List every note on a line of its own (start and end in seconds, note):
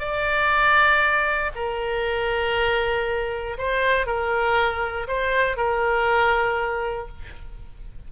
0.00 1.51 D5
1.56 3.57 A#4
3.58 4.07 C5
4.07 5.08 A#4
5.08 5.57 C5
5.57 7.08 A#4